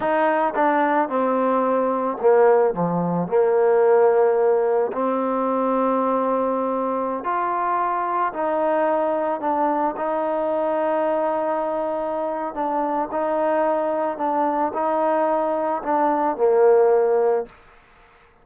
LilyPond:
\new Staff \with { instrumentName = "trombone" } { \time 4/4 \tempo 4 = 110 dis'4 d'4 c'2 | ais4 f4 ais2~ | ais4 c'2.~ | c'4~ c'16 f'2 dis'8.~ |
dis'4~ dis'16 d'4 dis'4.~ dis'16~ | dis'2. d'4 | dis'2 d'4 dis'4~ | dis'4 d'4 ais2 | }